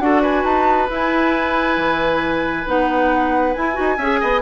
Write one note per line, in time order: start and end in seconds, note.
0.00 0.44 D4
0.00 0.89 F#4
0.00 0.22 A4
0.00 0.22 F#5
0.22 3.97 B4
0.22 0.45 G#5
0.44 0.89 D#4
0.44 0.89 A5
0.89 2.65 E4
0.89 1.77 E4
0.89 2.69 G#5
1.77 2.66 E3
2.67 3.56 B3
2.67 3.55 D#4
2.67 3.54 F#5
3.54 3.79 E4
3.54 3.74 E4
3.54 4.42 G#5
3.74 3.98 D#4
3.74 3.96 F#4
3.98 4.20 C#4
3.98 4.42 G#4
3.98 4.20 E5
4.21 4.42 B3
4.21 4.42 D#5